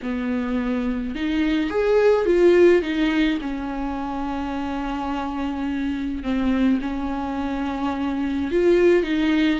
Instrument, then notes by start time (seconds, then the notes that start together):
viola
0.02 B3
1.15 D#4
1.70 G#4
2.25 F4
2.81 D#4
3.41 C#4
6.23 C4
6.81 C#4
8.51 F4
9.03 D#4